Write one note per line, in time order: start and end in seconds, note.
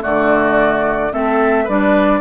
0.00 1.13 D3
0.00 1.10 A3
0.00 1.13 F#4
0.00 1.13 D5
1.12 1.68 A3
1.12 1.67 C4
1.12 1.64 A4
1.12 1.68 E5
1.64 2.21 G3
1.64 2.21 D4
1.64 2.19 B4
1.64 2.21 D5